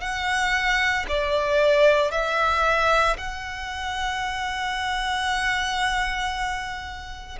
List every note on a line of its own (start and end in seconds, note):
0.00 1.05 F#5
1.08 2.11 D5
2.11 3.16 E5
3.18 7.39 F#5